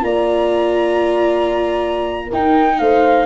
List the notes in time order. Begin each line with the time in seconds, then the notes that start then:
0.00 A#3 F4 D5 A#5
2.27 D#4 A#4 G5
2.34 D#4
2.79 A3 C5 F5